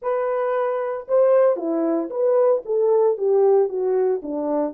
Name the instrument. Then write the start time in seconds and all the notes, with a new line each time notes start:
horn
0.01 B4
1.07 C5
1.56 E4
2.10 B4
2.65 A4
3.17 G4
3.68 F#4
4.22 D4